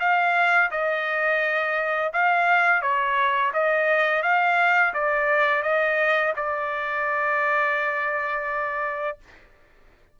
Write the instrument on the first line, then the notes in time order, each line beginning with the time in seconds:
trumpet
0.00 F5
0.71 D#5
2.13 F5
2.82 C#5
3.54 D#5
4.23 F5
4.94 D5
5.63 D#5
6.36 D5